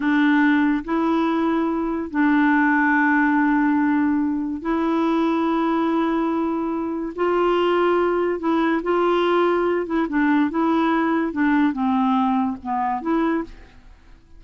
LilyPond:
\new Staff \with { instrumentName = "clarinet" } { \time 4/4 \tempo 4 = 143 d'2 e'2~ | e'4 d'2.~ | d'2. e'4~ | e'1~ |
e'4 f'2. | e'4 f'2~ f'8 e'8 | d'4 e'2 d'4 | c'2 b4 e'4 | }